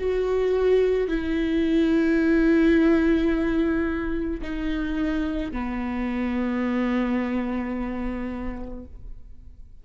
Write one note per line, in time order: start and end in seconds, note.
0.00 1.09 F#4
1.09 4.42 E4
4.42 5.53 D#4
5.53 8.86 B3